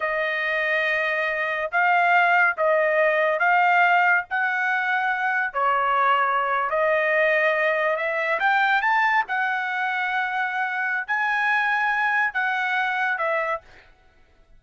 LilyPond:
\new Staff \with { instrumentName = "trumpet" } { \time 4/4 \tempo 4 = 141 dis''1 | f''2 dis''2 | f''2 fis''2~ | fis''4 cis''2~ cis''8. dis''16~ |
dis''2~ dis''8. e''4 g''16~ | g''8. a''4 fis''2~ fis''16~ | fis''2 gis''2~ | gis''4 fis''2 e''4 | }